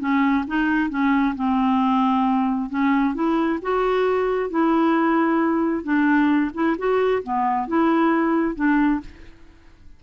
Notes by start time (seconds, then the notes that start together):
0.00 C#4
0.47 D#4
0.90 C#4
1.36 C4
2.70 C#4
3.15 E4
3.62 F#4
4.50 E4
5.84 D4
6.54 E4
6.78 F#4
7.23 B3
7.68 E4
8.56 D4